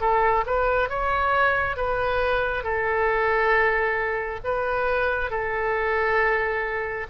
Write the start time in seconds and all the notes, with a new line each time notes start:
0.00 A4
0.46 B4
0.89 C#5
1.76 B4
2.63 A4
4.44 B4
5.30 A4